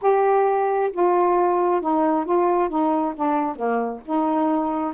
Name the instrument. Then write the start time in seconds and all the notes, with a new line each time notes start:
saxophone
0.01 G4
0.92 F4
1.81 D#4
2.25 F4
2.69 D#4
3.15 D4
3.55 A#3
4.05 D#4